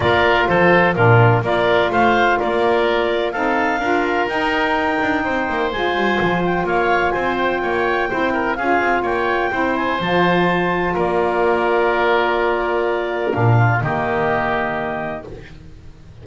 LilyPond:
<<
  \new Staff \with { instrumentName = "clarinet" } { \time 4/4 \tempo 4 = 126 d''4 c''4 ais'4 d''4 | f''4 d''2 f''4~ | f''4 g''2. | gis''4. g''8 f''4 gis''8 g''8~ |
g''2 f''4 g''4~ | g''8 gis''8 a''2 d''4~ | d''1 | f''4 dis''2. | }
  \new Staff \with { instrumentName = "oboe" } { \time 4/4 ais'4 a'4 f'4 ais'4 | c''4 ais'2 a'4 | ais'2. c''4~ | c''2 cis''4 c''4 |
cis''4 c''8 ais'8 gis'4 cis''4 | c''2. ais'4~ | ais'1~ | ais'8 f'8 g'2. | }
  \new Staff \with { instrumentName = "saxophone" } { \time 4/4 f'2 d'4 f'4~ | f'2. dis'4 | f'4 dis'2. | f'1~ |
f'4 e'4 f'2 | e'4 f'2.~ | f'1 | d'4 ais2. | }
  \new Staff \with { instrumentName = "double bass" } { \time 4/4 ais4 f4 ais,4 ais4 | a4 ais2 c'4 | d'4 dis'4. d'8 c'8 ais8 | gis8 g8 f4 ais4 c'4 |
ais4 c'4 cis'8 c'8 ais4 | c'4 f2 ais4~ | ais1 | ais,4 dis2. | }
>>